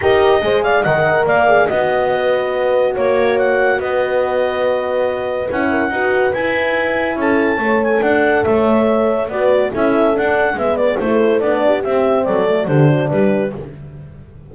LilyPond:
<<
  \new Staff \with { instrumentName = "clarinet" } { \time 4/4 \tempo 4 = 142 dis''4. f''8 fis''4 f''4 | dis''2. cis''4 | fis''4 dis''2.~ | dis''4 fis''2 gis''4~ |
gis''4 a''4. gis''8 fis''4 | e''2 d''4 e''4 | fis''4 e''8 d''8 c''4 d''4 | e''4 d''4 c''4 b'4 | }
  \new Staff \with { instrumentName = "horn" } { \time 4/4 ais'4 c''8 d''8 dis''4 d''4 | dis''4 b'2 cis''4~ | cis''4 b'2.~ | b'4. ais'8 b'2~ |
b'4 a'4 cis''4 d''4 | cis''2 b'4 a'4~ | a'4 b'4 a'4. g'8~ | g'4 a'4 g'8 fis'8 g'4 | }
  \new Staff \with { instrumentName = "horn" } { \time 4/4 g'4 gis'4 ais'4. gis'8 | fis'1~ | fis'1~ | fis'4 e'4 fis'4 e'4~ |
e'2 a'2~ | a'2 fis'4 e'4 | d'4 b4 e'4 d'4 | c'4. a8 d'2 | }
  \new Staff \with { instrumentName = "double bass" } { \time 4/4 dis'4 gis4 dis4 ais4 | b2. ais4~ | ais4 b2.~ | b4 cis'4 dis'4 e'4~ |
e'4 cis'4 a4 d'4 | a2 b4 cis'4 | d'4 gis4 a4 b4 | c'4 fis4 d4 g4 | }
>>